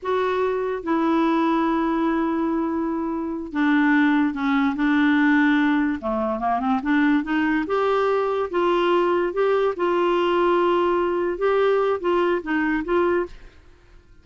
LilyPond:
\new Staff \with { instrumentName = "clarinet" } { \time 4/4 \tempo 4 = 145 fis'2 e'2~ | e'1~ | e'8 d'2 cis'4 d'8~ | d'2~ d'8 a4 ais8 |
c'8 d'4 dis'4 g'4.~ | g'8 f'2 g'4 f'8~ | f'2.~ f'8 g'8~ | g'4 f'4 dis'4 f'4 | }